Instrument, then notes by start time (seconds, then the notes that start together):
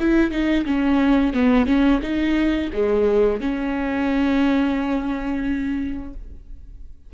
viola
0.00 E4
0.31 D#4
0.66 C#4
1.34 B3
1.66 C#4
2.02 D#4
2.73 G#3
3.41 C#4